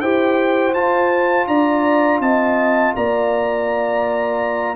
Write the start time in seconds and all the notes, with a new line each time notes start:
0.00 E4 G4 C5 G5
0.73 F4 A5
1.46 D4 D5 A#5
2.20 C4 D#5 A5
2.96 A#3 D5 A#5